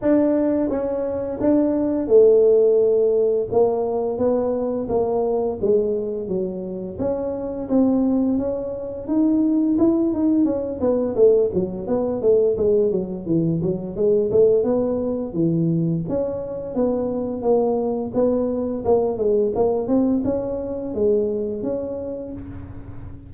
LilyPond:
\new Staff \with { instrumentName = "tuba" } { \time 4/4 \tempo 4 = 86 d'4 cis'4 d'4 a4~ | a4 ais4 b4 ais4 | gis4 fis4 cis'4 c'4 | cis'4 dis'4 e'8 dis'8 cis'8 b8 |
a8 fis8 b8 a8 gis8 fis8 e8 fis8 | gis8 a8 b4 e4 cis'4 | b4 ais4 b4 ais8 gis8 | ais8 c'8 cis'4 gis4 cis'4 | }